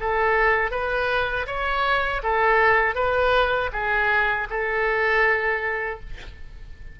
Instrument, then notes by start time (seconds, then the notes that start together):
oboe
0.00 A4
0.71 B4
1.47 C#5
2.23 A4
2.95 B4
3.73 G#4
4.50 A4